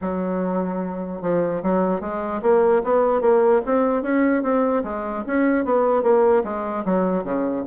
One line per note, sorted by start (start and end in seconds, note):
0.01 1.21 F#3
1.21 1.61 F3
1.63 2.01 F#3
2.01 2.41 G#3
2.41 2.82 A#3
2.84 3.21 B3
3.21 3.61 A#3
3.65 4.02 C4
4.02 4.42 C#4
4.42 4.83 C4
4.83 5.23 G#3
5.27 5.64 C#4
5.64 6.02 B3
6.02 6.43 A#3
6.44 6.84 G#3
6.85 7.23 F#3
7.23 7.64 C#3